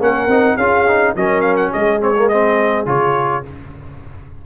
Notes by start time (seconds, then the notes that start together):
0.00 A#3 C#4 A#4 F#5
0.27 C4 D#4
0.57 C#4 F4 G#4 F5
0.87 D#4
1.16 F#3 C#4 A#4 D#5
1.41 F5
1.57 F#5
1.72 G#3 G#4 D#5
2.00 C4 C#5
2.17 A#3
2.29 C4 D#5
2.86 C#3 F4 C#5